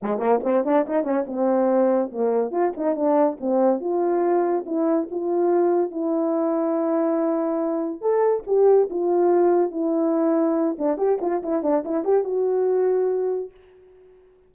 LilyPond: \new Staff \with { instrumentName = "horn" } { \time 4/4 \tempo 4 = 142 gis8 ais8 c'8 d'8 dis'8 cis'8 c'4~ | c'4 ais4 f'8 dis'8 d'4 | c'4 f'2 e'4 | f'2 e'2~ |
e'2. a'4 | g'4 f'2 e'4~ | e'4. d'8 g'8 f'8 e'8 d'8 | e'8 g'8 fis'2. | }